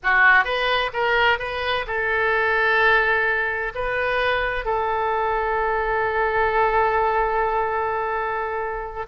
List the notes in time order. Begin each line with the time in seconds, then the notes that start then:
0.03 F#4
0.44 B4
0.93 A#4
1.38 B4
1.86 A4
3.74 B4
4.65 A4